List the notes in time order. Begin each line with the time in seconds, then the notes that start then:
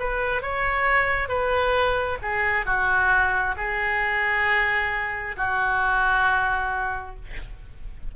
0.00 B4
0.42 C#5
1.29 B4
2.22 G#4
2.66 F#4
3.57 G#4
5.37 F#4